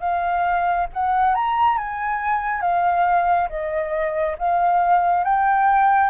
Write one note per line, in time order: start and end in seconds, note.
0.00 0.87 F5
0.93 1.35 F#5
1.35 1.77 A#5
1.77 2.61 G#5
2.61 3.48 F5
3.49 4.36 D#5
4.38 5.24 F5
5.24 6.10 G5